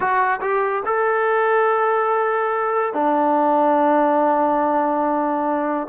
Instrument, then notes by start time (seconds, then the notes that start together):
trombone
0.00 F#4
0.41 G4
0.85 A4
2.93 D4